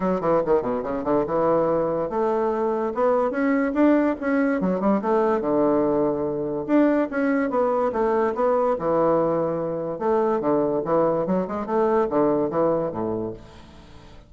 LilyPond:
\new Staff \with { instrumentName = "bassoon" } { \time 4/4 \tempo 4 = 144 fis8 e8 dis8 b,8 cis8 d8 e4~ | e4 a2 b4 | cis'4 d'4 cis'4 fis8 g8 | a4 d2. |
d'4 cis'4 b4 a4 | b4 e2. | a4 d4 e4 fis8 gis8 | a4 d4 e4 a,4 | }